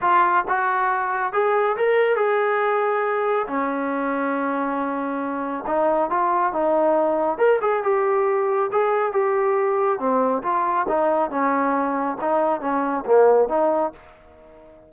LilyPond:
\new Staff \with { instrumentName = "trombone" } { \time 4/4 \tempo 4 = 138 f'4 fis'2 gis'4 | ais'4 gis'2. | cis'1~ | cis'4 dis'4 f'4 dis'4~ |
dis'4 ais'8 gis'8 g'2 | gis'4 g'2 c'4 | f'4 dis'4 cis'2 | dis'4 cis'4 ais4 dis'4 | }